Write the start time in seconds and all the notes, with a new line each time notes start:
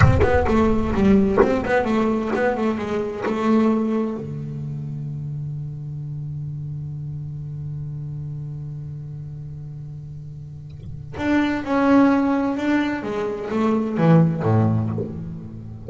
0.00 C4
0.22 B3
0.47 A3
0.94 G3
1.41 C4
1.65 B3
1.84 A3
2.35 B3
2.57 A3
2.77 G#3
3.25 A3
4.16 D3
11.17 D4
11.64 C#4
12.57 D4
13.03 G#3
13.50 A3
13.97 E3
14.42 A2